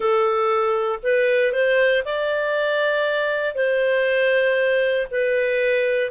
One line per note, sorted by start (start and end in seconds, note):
0.00 0.99 A4
1.02 1.52 B4
1.52 2.03 C5
2.04 3.54 D5
3.54 5.07 C5
5.10 6.11 B4